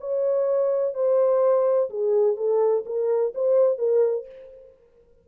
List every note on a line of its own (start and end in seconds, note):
0.00 0.94 C#5
0.94 1.89 C5
1.90 2.37 G#4
2.37 2.84 A4
2.86 3.34 A#4
3.35 3.78 C5
3.78 4.26 A#4